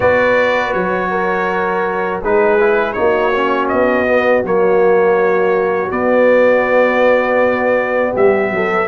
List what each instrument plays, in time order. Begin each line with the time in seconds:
0.00 tuba B3, trombone F#4, horn B4, trumpet D5
0.73 tuba F#3, trumpet C#5
1.10 horn A#4
2.21 tuba G#3, trombone D#4, horn G#4, trumpet B4
2.59 trombone E4
2.92 tuba A#3, trombone D#4, trumpet C#5
2.99 horn F#4
3.35 trombone C#4
3.68 tuba B3, trumpet D#5
4.06 trombone B3
4.43 tuba F#3, trombone A#3, trumpet C#5
5.88 trombone B3, tuba B3, trumpet D5
8.12 tuba G3, horn G4, trumpet E5
8.50 tuba F#3, horn A4